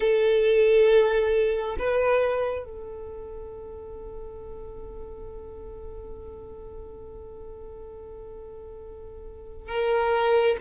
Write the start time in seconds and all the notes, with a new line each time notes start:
0.00 A4
1.78 B4
2.64 A4
9.68 A#4